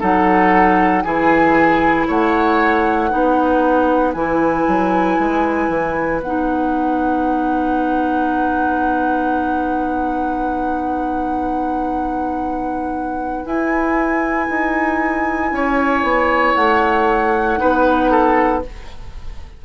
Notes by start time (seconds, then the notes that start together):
0.00 F#3 D#4 A4 F#5
1.02 E3 E4 G#4 G#5
2.08 A3 C#5 F#5
3.10 B3 D#4 B4
4.13 E3 E4 G#5
4.68 F#3
5.19 G#3
5.69 E3
6.21 B3 D#4 F#5
13.45 E4 G#5
14.49 D#4
15.52 C#4 C#5
16.03 B3
16.55 A3 F#5
17.58 B3 D#4 B4
18.11 A4